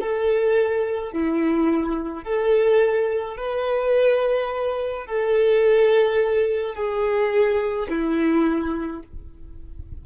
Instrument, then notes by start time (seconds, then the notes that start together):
violin
0.00 A4
1.13 E4
2.24 A4
3.37 B4
5.06 A4
6.75 G#4
7.89 E4